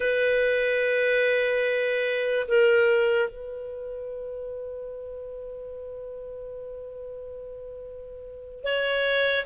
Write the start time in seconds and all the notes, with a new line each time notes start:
0.00 B4
2.48 A#4
3.29 B4
8.63 C#5